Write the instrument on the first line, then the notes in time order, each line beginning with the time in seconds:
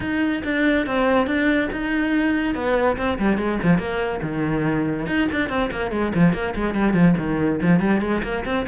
cello
0.00 D#4
0.44 D4
0.86 C4
1.26 D4
1.72 D#4
2.54 B3
2.97 C4
3.18 G3
3.37 G#3
3.62 F3
3.78 A#3
4.22 D#3
5.06 D#4
5.31 D4
5.49 C4
5.71 A#3
5.91 G#3
6.14 F3
6.33 A#3
6.55 G#3
6.74 G3
6.93 F3
7.17 D#3
7.62 F3
7.80 G3
8.01 G#3
8.23 A#3
8.45 C4